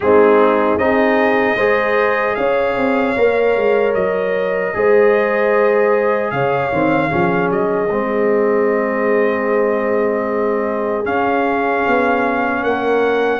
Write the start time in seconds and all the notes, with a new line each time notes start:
0.00 G#3 C4 D#4 G#4
0.77 C4 D#4 G#4 D#5
1.56 G#3 G#4 C5
2.35 C#4 C#5 F5
2.76 C4
3.16 A#3 A#4
3.56 G#3
3.94 F#3 D#5
4.73 G#3 G#4 C5
6.30 C#3 C#5 F5
6.71 D#3 C4
7.09 F3 C#4 G#4
7.50 F#3 D#5
7.89 G#3 C4
11.04 C#4 F5
11.86 B3
12.63 A#3 A#4 F#5